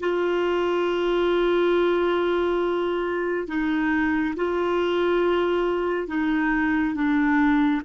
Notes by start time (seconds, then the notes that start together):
0.00 F4
3.47 D#4
4.36 F4
6.08 D#4
6.94 D4